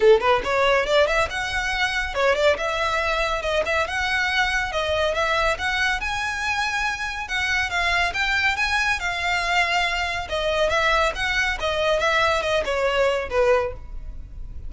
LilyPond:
\new Staff \with { instrumentName = "violin" } { \time 4/4 \tempo 4 = 140 a'8 b'8 cis''4 d''8 e''8 fis''4~ | fis''4 cis''8 d''8 e''2 | dis''8 e''8 fis''2 dis''4 | e''4 fis''4 gis''2~ |
gis''4 fis''4 f''4 g''4 | gis''4 f''2. | dis''4 e''4 fis''4 dis''4 | e''4 dis''8 cis''4. b'4 | }